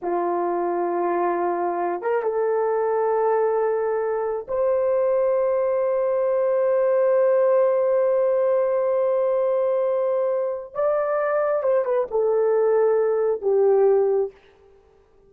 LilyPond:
\new Staff \with { instrumentName = "horn" } { \time 4/4 \tempo 4 = 134 f'1~ | f'8 ais'8 a'2.~ | a'2 c''2~ | c''1~ |
c''1~ | c''1 | d''2 c''8 b'8 a'4~ | a'2 g'2 | }